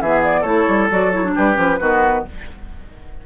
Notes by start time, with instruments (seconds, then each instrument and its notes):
0.00 bassoon E3, clarinet B3, oboe G#4, flute E5
0.23 flute D5
0.41 bassoon A3, clarinet E4, oboe A4, flute C#5
0.67 bassoon G3
0.90 bassoon F#3, clarinet F#4, flute D5
1.11 clarinet E4, flute C#5
1.24 clarinet D4
1.35 bassoon G3, oboe G4, flute B4
1.53 bassoon F3, clarinet C#4
1.79 bassoon D#3, clarinet B3, oboe F#4